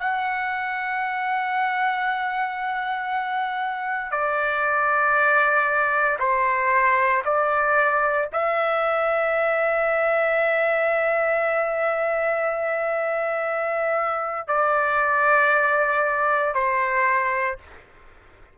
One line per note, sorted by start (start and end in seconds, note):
0.00 4.11 F#5
4.11 6.18 D5
6.20 7.23 C5
7.25 8.29 D5
8.33 14.48 E5
14.48 16.55 D5
16.55 17.58 C5